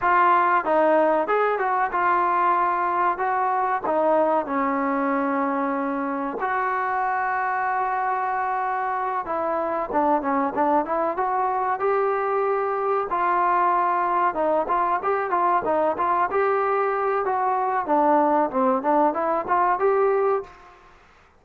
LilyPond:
\new Staff \with { instrumentName = "trombone" } { \time 4/4 \tempo 4 = 94 f'4 dis'4 gis'8 fis'8 f'4~ | f'4 fis'4 dis'4 cis'4~ | cis'2 fis'2~ | fis'2~ fis'8 e'4 d'8 |
cis'8 d'8 e'8 fis'4 g'4.~ | g'8 f'2 dis'8 f'8 g'8 | f'8 dis'8 f'8 g'4. fis'4 | d'4 c'8 d'8 e'8 f'8 g'4 | }